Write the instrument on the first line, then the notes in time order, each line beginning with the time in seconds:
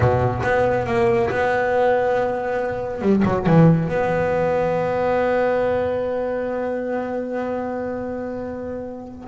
double bass
0.00 B2
0.43 B3
0.86 A#3
1.29 B3
3.01 G3
3.24 F#3
3.46 E3
3.88 B3